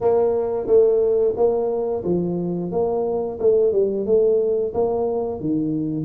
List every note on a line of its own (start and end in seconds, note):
0.01 0.66 A#3
0.66 1.34 A3
1.36 2.03 A#3
2.04 2.71 F3
2.71 3.39 A#3
3.39 3.72 A3
3.72 4.06 G3
4.06 4.73 A3
4.73 5.40 A#3
5.40 6.05 D#3